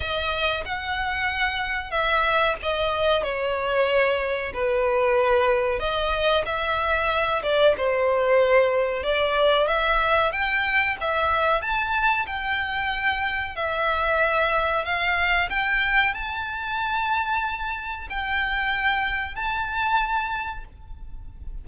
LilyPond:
\new Staff \with { instrumentName = "violin" } { \time 4/4 \tempo 4 = 93 dis''4 fis''2 e''4 | dis''4 cis''2 b'4~ | b'4 dis''4 e''4. d''8 | c''2 d''4 e''4 |
g''4 e''4 a''4 g''4~ | g''4 e''2 f''4 | g''4 a''2. | g''2 a''2 | }